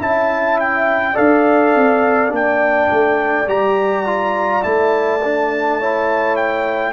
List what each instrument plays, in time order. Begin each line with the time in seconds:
0.00 tuba C#4, trombone E4, horn E5, trumpet A5
0.60 trumpet G5
1.14 tuba D4, trombone A4, horn D5, trumpet F5
1.75 tuba C4
2.29 tuba A#3, trombone D4, trumpet G5
2.91 tuba A3
3.48 tuba G3, trombone G4, trumpet A#5
4.06 trombone F4
4.62 tuba A3, trombone E4, trumpet A5
5.24 trombone D4
5.79 trombone E4, horn C#5
6.36 trumpet G5